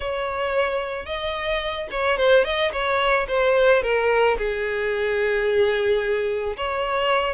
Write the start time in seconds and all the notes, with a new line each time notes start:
0.00 C#5
1.05 D#5
1.91 C#5
2.17 C5
2.44 D#5
2.72 C#5
3.28 C5
3.82 A#4
4.38 G#4
6.57 C#5